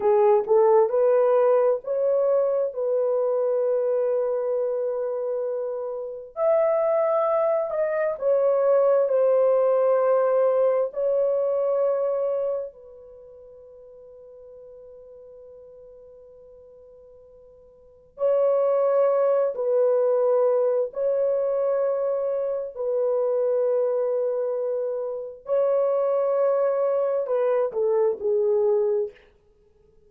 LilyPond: \new Staff \with { instrumentName = "horn" } { \time 4/4 \tempo 4 = 66 gis'8 a'8 b'4 cis''4 b'4~ | b'2. e''4~ | e''8 dis''8 cis''4 c''2 | cis''2 b'2~ |
b'1 | cis''4. b'4. cis''4~ | cis''4 b'2. | cis''2 b'8 a'8 gis'4 | }